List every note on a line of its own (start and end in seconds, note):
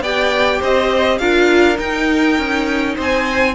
0.00 0.59 B3
0.00 1.21 G4
0.00 0.60 D5
0.00 0.62 G5
0.60 1.20 C4
0.60 1.19 C5
0.60 1.19 D#5
1.19 1.78 D4
1.19 1.75 F4
1.19 2.95 A#4
1.19 1.78 F5
1.75 3.52 D#4
1.75 2.38 D#4
1.75 2.97 G5
2.38 2.97 C#4
2.95 3.55 C4
2.95 3.54 C5
2.95 3.55 G#5